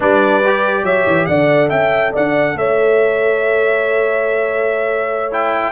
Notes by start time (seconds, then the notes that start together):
0.00 G3 D4 B4 D5
0.45 G4
0.83 F#3 C#5 E5
1.06 E3
1.25 D3 A4 D5 F#5
1.69 C#4 E5 G5
2.13 D4 D5 F#5
2.54 A3 C#5 E5
5.31 E4 G5